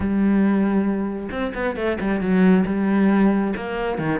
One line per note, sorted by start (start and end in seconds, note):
0.00 1.29 G3
1.31 1.53 C4
1.54 1.76 B3
1.76 1.98 A3
2.00 2.20 G3
2.20 2.64 F#3
2.65 3.53 G3
3.56 3.98 A#3
3.98 4.20 D#3